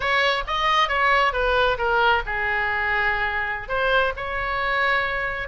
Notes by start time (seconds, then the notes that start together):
0.00 C#5
0.47 D#5
0.88 C#5
1.32 B4
1.77 A#4
2.26 G#4
3.68 C5
4.16 C#5